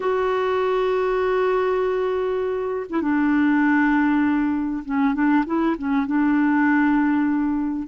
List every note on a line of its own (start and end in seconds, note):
0.00 2.86 F#4
2.89 3.01 E4
3.01 4.83 D4
4.85 5.14 C#4
5.14 5.44 D4
5.45 5.76 E4
5.78 6.06 C#4
6.06 7.88 D4